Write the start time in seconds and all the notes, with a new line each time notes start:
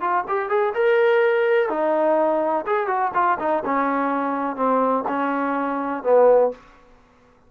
0.00 F4
0.27 G4
0.49 G#4
0.74 A#4
1.69 D#4
2.66 G#4
2.87 F#4
3.14 F4
3.39 D#4
3.65 C#4
4.56 C4
5.07 C#4
6.03 B3